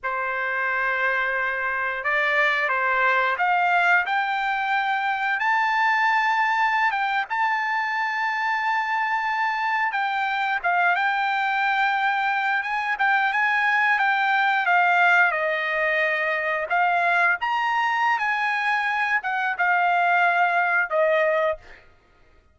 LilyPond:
\new Staff \with { instrumentName = "trumpet" } { \time 4/4 \tempo 4 = 89 c''2. d''4 | c''4 f''4 g''2 | a''2~ a''16 g''8 a''4~ a''16~ | a''2~ a''8. g''4 f''16~ |
f''16 g''2~ g''8 gis''8 g''8 gis''16~ | gis''8. g''4 f''4 dis''4~ dis''16~ | dis''8. f''4 ais''4~ ais''16 gis''4~ | gis''8 fis''8 f''2 dis''4 | }